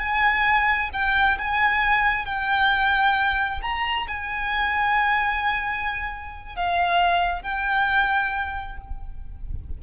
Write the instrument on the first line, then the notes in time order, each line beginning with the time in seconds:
violin
0.00 G#5
0.93 G5
1.39 G#5
2.26 G5
3.62 A#5
4.08 G#5
6.56 F5
7.43 G5